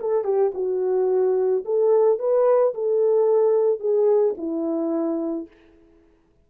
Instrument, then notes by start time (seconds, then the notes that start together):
horn
0.00 A4
0.24 G4
0.54 F#4
1.65 A4
2.19 B4
2.74 A4
3.80 G#4
4.37 E4